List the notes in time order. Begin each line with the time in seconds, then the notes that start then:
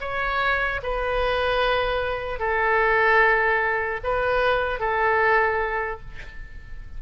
0.00 C#5
0.82 B4
2.39 A4
4.03 B4
4.80 A4